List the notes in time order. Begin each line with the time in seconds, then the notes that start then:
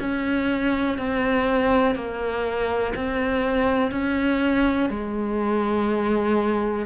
0.00 C#4
0.98 C4
1.96 A#3
2.96 C4
3.92 C#4
4.90 G#3